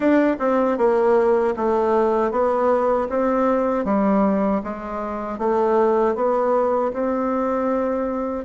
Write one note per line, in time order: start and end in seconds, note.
0.00 0.36 D4
0.39 0.77 C4
0.77 1.54 A#3
1.56 2.31 A3
2.31 3.08 B3
3.09 3.85 C4
3.85 4.62 G3
4.63 5.38 G#3
5.38 6.15 A3
6.15 6.92 B3
6.93 8.44 C4